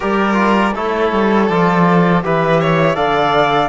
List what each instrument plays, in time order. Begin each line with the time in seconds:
0.00 cello G3, trombone G4, violin A#4, flute D5
0.33 trombone F4
0.74 cello A3, trombone E4, violin A4, flute C#5
1.12 cello G3
1.49 cello F3, trombone F4, flute D5
2.23 cello E3, trombone G4, violin B4, flute E5
2.60 violin C#5
2.95 cello D3, trombone A4, violin D5, flute F5